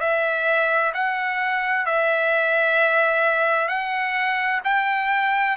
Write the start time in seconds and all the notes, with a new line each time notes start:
0.00 E5
0.94 F#5
1.85 E5
3.68 F#5
4.64 G5